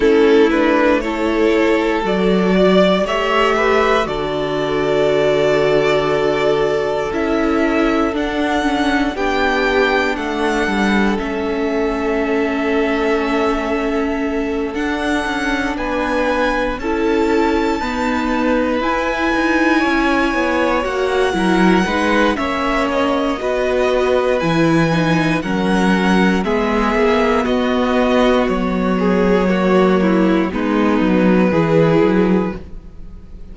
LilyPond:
<<
  \new Staff \with { instrumentName = "violin" } { \time 4/4 \tempo 4 = 59 a'8 b'8 cis''4 d''4 e''4 | d''2. e''4 | fis''4 g''4 fis''4 e''4~ | e''2~ e''8 fis''4 gis''8~ |
gis''8 a''2 gis''4.~ | gis''8 fis''4. e''8 dis''4. | gis''4 fis''4 e''4 dis''4 | cis''2 b'2 | }
  \new Staff \with { instrumentName = "violin" } { \time 4/4 e'4 a'4. d''8 cis''8 b'8 | a'1~ | a'4 g'4 a'2~ | a'2.~ a'8 b'8~ |
b'8 a'4 b'2 cis''8~ | cis''4 ais'8 b'8 cis''4 b'4~ | b'4 ais'4 gis'4 fis'4~ | fis'8 gis'8 fis'8 e'8 dis'4 gis'4 | }
  \new Staff \with { instrumentName = "viola" } { \time 4/4 cis'8 d'8 e'4 fis'4 g'4 | fis'2. e'4 | d'8 cis'8 d'2 cis'4~ | cis'2~ cis'8 d'4.~ |
d'8 e'4 b4 e'4.~ | e'8 fis'8 e'8 dis'8 cis'4 fis'4 | e'8 dis'8 cis'4 b2~ | b4 ais4 b4 e'4 | }
  \new Staff \with { instrumentName = "cello" } { \time 4/4 a2 fis4 a4 | d2. cis'4 | d'4 b4 a8 g8 a4~ | a2~ a8 d'8 cis'8 b8~ |
b8 cis'4 dis'4 e'8 dis'8 cis'8 | b8 ais8 fis8 gis8 ais4 b4 | e4 fis4 gis8 ais8 b4 | fis2 gis8 fis8 e8 fis8 | }
>>